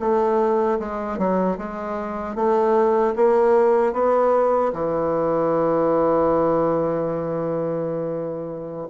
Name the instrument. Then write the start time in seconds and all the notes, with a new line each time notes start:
bassoon
0.00 A3
0.80 G#3
1.18 F#3
1.58 G#3
2.36 A3
3.16 A#3
3.94 B3
4.73 E3